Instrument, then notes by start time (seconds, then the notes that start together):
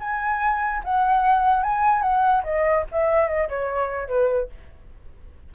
flute
0.00 G#5
0.84 F#5
1.63 G#5
2.02 F#5
2.44 D#5
2.91 E5
3.28 D#5
3.49 C#5
4.08 B4